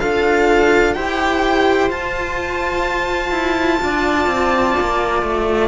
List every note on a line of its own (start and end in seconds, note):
0.00 0.96 D4
0.00 0.95 F4
0.00 0.96 A4
0.00 0.94 F5
0.94 1.90 E4
0.94 1.90 G4
0.94 3.82 C5
0.94 1.89 G5
1.90 5.68 F4
1.90 3.31 F4
1.90 5.68 A5
3.31 3.78 E4
3.83 4.27 D4
3.83 5.68 D5
4.27 4.74 C4
4.80 5.23 A#3
5.23 5.68 A3